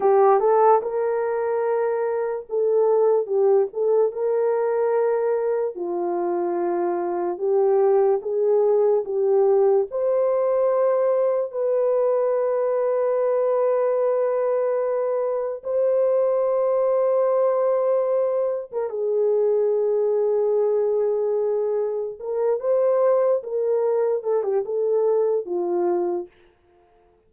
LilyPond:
\new Staff \with { instrumentName = "horn" } { \time 4/4 \tempo 4 = 73 g'8 a'8 ais'2 a'4 | g'8 a'8 ais'2 f'4~ | f'4 g'4 gis'4 g'4 | c''2 b'2~ |
b'2. c''4~ | c''2~ c''8. ais'16 gis'4~ | gis'2. ais'8 c''8~ | c''8 ais'4 a'16 g'16 a'4 f'4 | }